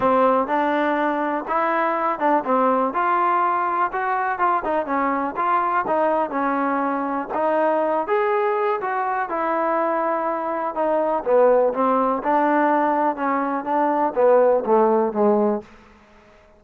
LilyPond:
\new Staff \with { instrumentName = "trombone" } { \time 4/4 \tempo 4 = 123 c'4 d'2 e'4~ | e'8 d'8 c'4 f'2 | fis'4 f'8 dis'8 cis'4 f'4 | dis'4 cis'2 dis'4~ |
dis'8 gis'4. fis'4 e'4~ | e'2 dis'4 b4 | c'4 d'2 cis'4 | d'4 b4 a4 gis4 | }